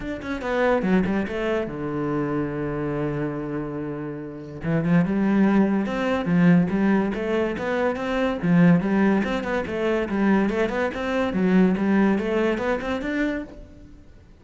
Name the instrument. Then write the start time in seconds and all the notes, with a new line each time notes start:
cello
0.00 D4
0.22 C#4
0.41 B3
0.82 F#3
1.06 G3
1.27 A3
1.67 D3
4.63 E3
4.84 F3
5.05 G3
5.86 C4
6.25 F3
6.70 G3
7.14 A3
7.58 B3
7.95 C4
8.42 F3
8.80 G3
9.23 C4
9.43 B3
9.66 A3
10.08 G3
10.49 A3
10.69 B3
10.93 C4
11.33 F#3
11.77 G3
12.18 A3
12.58 B3
12.81 C4
13.01 D4